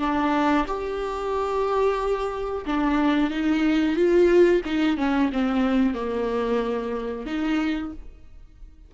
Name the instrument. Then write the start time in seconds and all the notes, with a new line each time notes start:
viola
0.00 D4
0.68 G4
2.66 D4
3.31 D#4
3.96 F4
4.66 D#4
4.98 C#4
5.33 C4
5.95 A#3
7.26 D#4